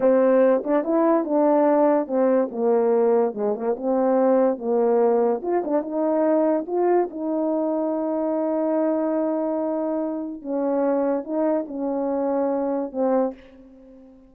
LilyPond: \new Staff \with { instrumentName = "horn" } { \time 4/4 \tempo 4 = 144 c'4. d'8 e'4 d'4~ | d'4 c'4 ais2 | gis8 ais8 c'2 ais4~ | ais4 f'8 d'8 dis'2 |
f'4 dis'2.~ | dis'1~ | dis'4 cis'2 dis'4 | cis'2. c'4 | }